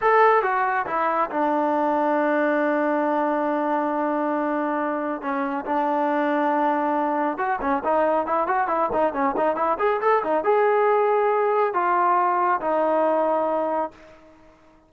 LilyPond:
\new Staff \with { instrumentName = "trombone" } { \time 4/4 \tempo 4 = 138 a'4 fis'4 e'4 d'4~ | d'1~ | d'1 | cis'4 d'2.~ |
d'4 fis'8 cis'8 dis'4 e'8 fis'8 | e'8 dis'8 cis'8 dis'8 e'8 gis'8 a'8 dis'8 | gis'2. f'4~ | f'4 dis'2. | }